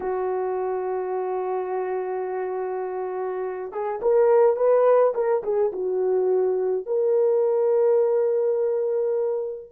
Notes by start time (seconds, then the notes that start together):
0.00 F#4
3.71 G#4
4.02 A#4
4.56 B4
5.14 A#4
5.43 G#4
5.72 F#4
6.85 A#4